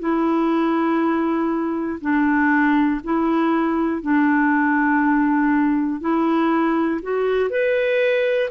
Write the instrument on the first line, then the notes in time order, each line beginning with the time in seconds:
clarinet
0.00 E4
2.01 D4
3.05 E4
4.02 D4
6.01 E4
7.03 F#4
7.50 B4